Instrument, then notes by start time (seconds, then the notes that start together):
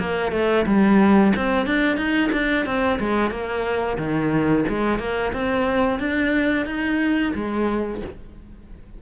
cello
0.00 A#3
0.32 A3
0.66 G3
1.36 C4
1.66 D4
1.97 D#4
2.32 D4
2.66 C4
2.99 G#3
3.31 A#3
3.98 D#3
4.69 G#3
4.99 A#3
5.33 C4
5.99 D4
6.66 D#4
7.35 G#3